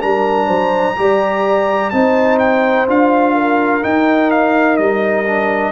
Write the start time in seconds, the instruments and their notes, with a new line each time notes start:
0.00 tuba G3, trombone D4, horn A#4, trumpet A#5
0.46 tuba F#3, horn C5
0.96 tuba G3, trombone G4, horn D5
1.90 tuba C4, trombone D#4, horn C5, trumpet A5
2.38 trumpet G5
2.87 tuba D4, trombone F4, trumpet F5
3.34 horn A#4
3.82 trombone D#4, tuba D#4, trumpet G5
4.31 trumpet F5
4.76 tuba G3, trumpet D#5
5.26 trombone D4